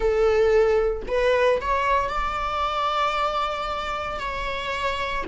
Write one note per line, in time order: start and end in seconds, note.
0.00 1.02 A4
1.07 1.60 B4
1.60 2.09 C#5
2.09 4.19 D5
4.19 5.24 C#5